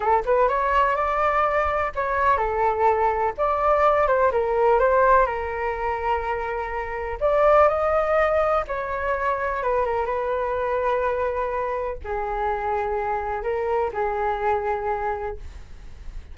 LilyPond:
\new Staff \with { instrumentName = "flute" } { \time 4/4 \tempo 4 = 125 a'8 b'8 cis''4 d''2 | cis''4 a'2 d''4~ | d''8 c''8 ais'4 c''4 ais'4~ | ais'2. d''4 |
dis''2 cis''2 | b'8 ais'8 b'2.~ | b'4 gis'2. | ais'4 gis'2. | }